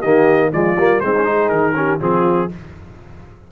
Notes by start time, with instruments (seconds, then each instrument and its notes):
0.00 tuba D#3, trombone A#3, horn G4, trumpet D#5
0.53 tuba F3, trombone G#3, horn F4, trumpet D5
0.77 tuba G3, trombone A#3
1.01 tuba G#3, trombone C4, horn D#4, trumpet C5
1.17 trombone C#4
1.24 trombone D#4, horn G#4
1.49 tuba D#3, trumpet A#4
1.75 trombone C#4, horn G4
2.00 tuba F3, trombone C4, horn F4, trumpet G#4